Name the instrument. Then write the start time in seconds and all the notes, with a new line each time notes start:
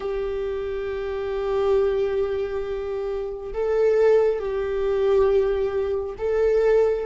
viola
0.00 G4
3.53 A4
4.39 G4
6.18 A4